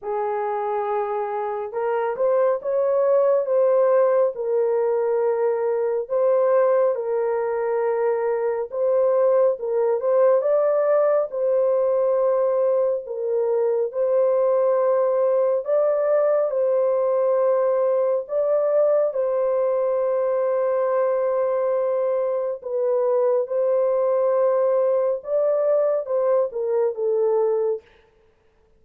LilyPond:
\new Staff \with { instrumentName = "horn" } { \time 4/4 \tempo 4 = 69 gis'2 ais'8 c''8 cis''4 | c''4 ais'2 c''4 | ais'2 c''4 ais'8 c''8 | d''4 c''2 ais'4 |
c''2 d''4 c''4~ | c''4 d''4 c''2~ | c''2 b'4 c''4~ | c''4 d''4 c''8 ais'8 a'4 | }